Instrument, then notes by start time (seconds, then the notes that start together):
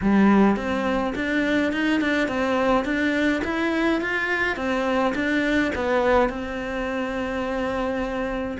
cello
0.01 G3
0.56 C4
1.15 D4
1.72 D#4
2.01 D4
2.28 C4
2.84 D4
3.44 E4
4.01 F4
4.56 C4
5.14 D4
5.75 B3
6.29 C4